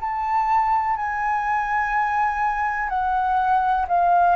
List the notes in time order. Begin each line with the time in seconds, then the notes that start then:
0.00 A5
0.96 G#5
2.89 F#5
3.88 F5